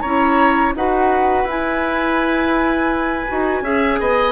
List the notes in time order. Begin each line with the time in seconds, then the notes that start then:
0.00 C#4 E4 C#5 A#5
0.75 D#4 F#4 B4 F#5
1.44 E4 G#5
3.28 D#4 F#4
3.61 C#4 G#4 E5
4.00 B3 D#5